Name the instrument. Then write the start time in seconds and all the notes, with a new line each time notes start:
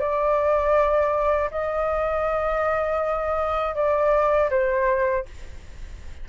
flute
0.00 D5
1.51 D#5
3.75 D5
4.51 C5